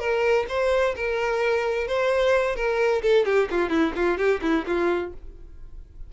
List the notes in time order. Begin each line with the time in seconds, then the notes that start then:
0.00 A#4
0.49 C5
0.96 A#4
1.88 C5
2.56 A#4
3.03 A4
3.26 G4
3.51 F4
3.70 E4
3.96 F4
4.18 G4
4.42 E4
4.67 F4